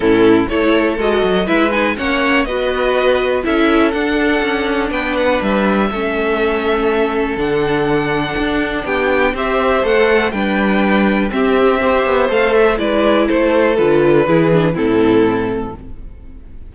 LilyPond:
<<
  \new Staff \with { instrumentName = "violin" } { \time 4/4 \tempo 4 = 122 a'4 cis''4 dis''4 e''8 gis''8 | fis''4 dis''2 e''4 | fis''2 g''8 fis''8 e''4~ | e''2. fis''4~ |
fis''2 g''4 e''4 | fis''4 g''2 e''4~ | e''4 f''8 e''8 d''4 c''4 | b'2 a'2 | }
  \new Staff \with { instrumentName = "violin" } { \time 4/4 e'4 a'2 b'4 | cis''4 b'2 a'4~ | a'2 b'2 | a'1~ |
a'2 g'4 c''4~ | c''4 b'2 g'4 | c''2 b'4 a'4~ | a'4 gis'4 e'2 | }
  \new Staff \with { instrumentName = "viola" } { \time 4/4 cis'4 e'4 fis'4 e'8 dis'8 | cis'4 fis'2 e'4 | d'1 | cis'2. d'4~ |
d'2. g'4 | a'4 d'2 c'4 | g'4 a'4 e'2 | f'4 e'8 d'8 c'2 | }
  \new Staff \with { instrumentName = "cello" } { \time 4/4 a,4 a4 gis8 fis8 gis4 | ais4 b2 cis'4 | d'4 cis'4 b4 g4 | a2. d4~ |
d4 d'4 b4 c'4 | a4 g2 c'4~ | c'8 b8 a4 gis4 a4 | d4 e4 a,2 | }
>>